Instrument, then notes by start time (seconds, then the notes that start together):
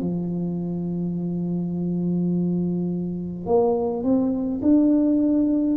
tuba
0.00 F3
3.46 A#3
4.03 C4
4.62 D4